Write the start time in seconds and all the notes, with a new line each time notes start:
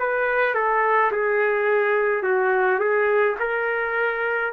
0.00 B4
0.55 A4
1.12 G#4
2.23 F#4
2.80 G#4
3.40 A#4